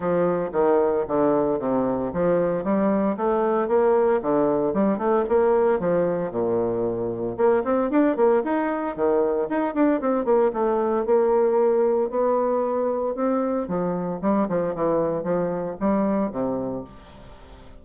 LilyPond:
\new Staff \with { instrumentName = "bassoon" } { \time 4/4 \tempo 4 = 114 f4 dis4 d4 c4 | f4 g4 a4 ais4 | d4 g8 a8 ais4 f4 | ais,2 ais8 c'8 d'8 ais8 |
dis'4 dis4 dis'8 d'8 c'8 ais8 | a4 ais2 b4~ | b4 c'4 f4 g8 f8 | e4 f4 g4 c4 | }